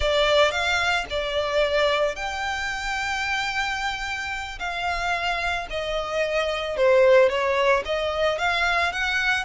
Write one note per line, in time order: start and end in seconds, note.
0.00 0.51 D5
0.51 1.05 F5
1.10 2.15 D5
2.15 4.58 G5
4.59 5.67 F5
5.70 6.76 D#5
6.76 7.29 C5
7.29 7.83 C#5
7.85 8.38 D#5
8.38 8.92 F5
8.92 9.44 F#5